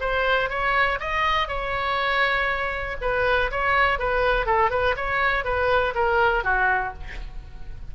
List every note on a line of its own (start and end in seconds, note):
0.00 0.49 C5
0.49 0.99 C#5
1.00 1.48 D#5
1.48 2.97 C#5
3.01 3.51 B4
3.51 3.99 C#5
3.99 4.46 B4
4.46 4.70 A4
4.70 4.95 B4
4.96 5.44 C#5
5.44 5.94 B4
5.94 6.44 A#4
6.44 6.93 F#4